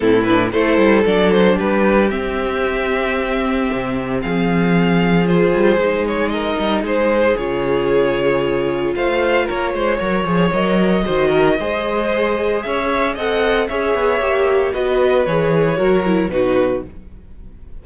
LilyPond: <<
  \new Staff \with { instrumentName = "violin" } { \time 4/4 \tempo 4 = 114 a'8 b'8 c''4 d''8 c''8 b'4 | e''1 | f''2 c''4. cis''8 | dis''4 c''4 cis''2~ |
cis''4 f''4 cis''2 | dis''1 | e''4 fis''4 e''2 | dis''4 cis''2 b'4 | }
  \new Staff \with { instrumentName = "violin" } { \time 4/4 e'4 a'2 g'4~ | g'1 | gis'1 | ais'4 gis'2.~ |
gis'4 c''4 ais'8 c''8 cis''4~ | cis''4 c''8 ais'8 c''2 | cis''4 dis''4 cis''2 | b'2 ais'4 fis'4 | }
  \new Staff \with { instrumentName = "viola" } { \time 4/4 c'8 d'8 e'4 d'2 | c'1~ | c'2 f'4 dis'4~ | dis'2 f'2~ |
f'2. ais'8 gis'8 | ais'4 fis'4 gis'2~ | gis'4 a'4 gis'4 g'4 | fis'4 gis'4 fis'8 e'8 dis'4 | }
  \new Staff \with { instrumentName = "cello" } { \time 4/4 a,4 a8 g8 fis4 g4 | c'2. c4 | f2~ f8 g8 gis4~ | gis8 g8 gis4 cis2~ |
cis4 a4 ais8 gis8 fis8 f8 | fis4 dis4 gis2 | cis'4 c'4 cis'8 b8 ais4 | b4 e4 fis4 b,4 | }
>>